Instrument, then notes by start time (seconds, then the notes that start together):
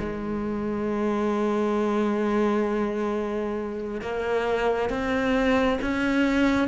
cello
0.00 G#3
4.02 A#3
4.90 C4
5.82 C#4